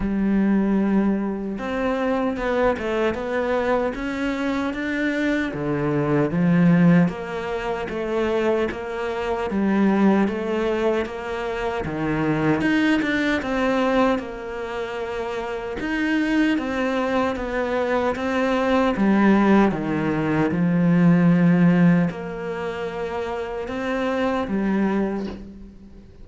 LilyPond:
\new Staff \with { instrumentName = "cello" } { \time 4/4 \tempo 4 = 76 g2 c'4 b8 a8 | b4 cis'4 d'4 d4 | f4 ais4 a4 ais4 | g4 a4 ais4 dis4 |
dis'8 d'8 c'4 ais2 | dis'4 c'4 b4 c'4 | g4 dis4 f2 | ais2 c'4 g4 | }